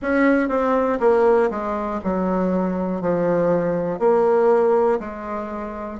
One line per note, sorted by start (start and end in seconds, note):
0.02 0.48 C#4
0.48 0.98 C4
1.00 1.50 A#3
1.50 2.00 G#3
2.04 3.01 F#3
3.01 3.99 F3
3.99 4.99 A#3
4.99 5.99 G#3